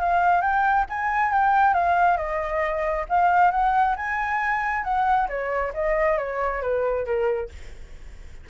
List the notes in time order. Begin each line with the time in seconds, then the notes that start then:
0.00 F5
0.42 G5
0.89 G#5
1.32 G5
1.74 F5
2.17 D#5
3.09 F5
3.51 F#5
3.96 G#5
4.84 F#5
5.29 C#5
5.74 D#5
6.18 C#5
6.62 B4
7.05 A#4